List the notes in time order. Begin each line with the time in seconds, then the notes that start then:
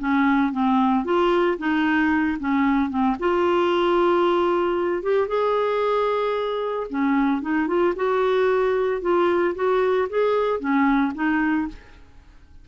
0.00 C#4
0.53 C4
1.05 F4
1.59 D#4
2.40 C#4
2.90 C4
3.20 F4
5.03 G4
5.28 G#4
6.90 C#4
7.42 D#4
7.68 F4
7.96 F#4
9.02 F4
9.56 F#4
10.10 G#4
10.60 C#4
11.15 D#4